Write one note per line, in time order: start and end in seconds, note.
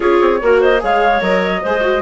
0.00 0.18 C#4
0.00 0.40 F4
0.00 0.40 G#4
0.00 0.60 C#5
0.20 0.41 C4
0.41 0.82 A#3
0.41 0.78 F#4
0.41 0.61 A#4
0.61 0.81 C5
0.61 0.82 D#5
0.78 1.21 G#3
0.78 1.19 G#4
0.78 1.62 C#5
0.78 1.21 F5
1.20 1.61 F#3
1.20 1.61 A#4
1.20 2.01 D#5
1.62 2.01 G#3
1.62 1.80 G#4
1.62 2.01 C5
1.80 2.00 F#4